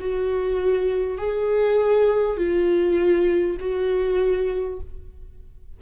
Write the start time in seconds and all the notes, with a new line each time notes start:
0.00 F#4
1.18 G#4
2.38 F4
3.60 F#4